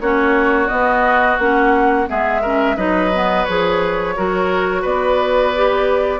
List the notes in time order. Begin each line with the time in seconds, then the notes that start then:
0.00 A#3 C#4 F#4 C#5
0.68 B3 D#5
1.38 A#3 C#4 F#5
2.07 G#3 B3 G#4 E5
2.41 C#4 A#4
2.77 F#3 D#4 B4 D#5
3.13 B3
3.44 F3 G#4 C#5
4.16 F#3 F#4 A#4
4.82 B3 B4 D5
5.56 G4